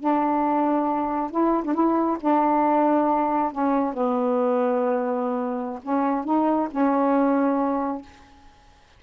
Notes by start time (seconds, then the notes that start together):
0.00 D4
1.31 E4
1.65 D4
1.74 E4
2.21 D4
3.52 C#4
3.94 B3
5.83 C#4
6.25 D#4
6.71 C#4